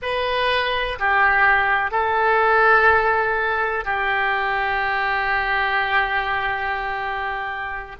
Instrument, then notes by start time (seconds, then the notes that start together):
oboe
0.02 B4
0.99 G4
1.91 A4
3.84 G4